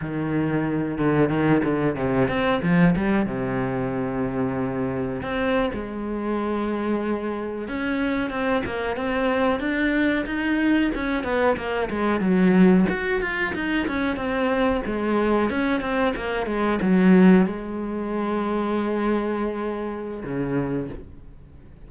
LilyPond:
\new Staff \with { instrumentName = "cello" } { \time 4/4 \tempo 4 = 92 dis4. d8 dis8 d8 c8 c'8 | f8 g8 c2. | c'8. gis2. cis'16~ | cis'8. c'8 ais8 c'4 d'4 dis'16~ |
dis'8. cis'8 b8 ais8 gis8 fis4 fis'16~ | fis'16 f'8 dis'8 cis'8 c'4 gis4 cis'16~ | cis'16 c'8 ais8 gis8 fis4 gis4~ gis16~ | gis2. cis4 | }